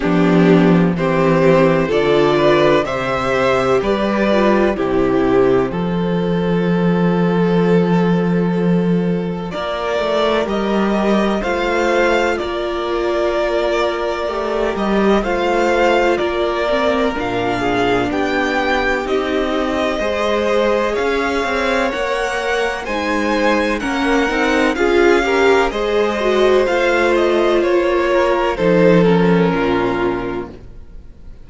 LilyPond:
<<
  \new Staff \with { instrumentName = "violin" } { \time 4/4 \tempo 4 = 63 g'4 c''4 d''4 e''4 | d''4 c''2.~ | c''2 d''4 dis''4 | f''4 d''2~ d''8 dis''8 |
f''4 d''4 f''4 g''4 | dis''2 f''4 fis''4 | gis''4 fis''4 f''4 dis''4 | f''8 dis''8 cis''4 c''8 ais'4. | }
  \new Staff \with { instrumentName = "violin" } { \time 4/4 d'4 g'4 a'8 b'8 c''4 | b'4 g'4 a'2~ | a'2 ais'2 | c''4 ais'2. |
c''4 ais'4. gis'8 g'4~ | g'4 c''4 cis''2 | c''4 ais'4 gis'8 ais'8 c''4~ | c''4. ais'8 a'4 f'4 | }
  \new Staff \with { instrumentName = "viola" } { \time 4/4 b4 c'4 f'4 g'4~ | g'8 f'8 e'4 f'2~ | f'2. g'4 | f'2. g'4 |
f'4. c'8 d'2 | dis'4 gis'2 ais'4 | dis'4 cis'8 dis'8 f'8 g'8 gis'8 fis'8 | f'2 dis'8 cis'4. | }
  \new Staff \with { instrumentName = "cello" } { \time 4/4 f4 e4 d4 c4 | g4 c4 f2~ | f2 ais8 a8 g4 | a4 ais2 a8 g8 |
a4 ais4 ais,4 b4 | c'4 gis4 cis'8 c'8 ais4 | gis4 ais8 c'8 cis'4 gis4 | a4 ais4 f4 ais,4 | }
>>